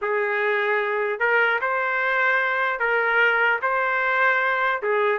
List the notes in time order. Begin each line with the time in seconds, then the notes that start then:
0.01 G#4
1.19 A#4
1.61 C5
2.79 A#4
3.61 C5
4.82 G#4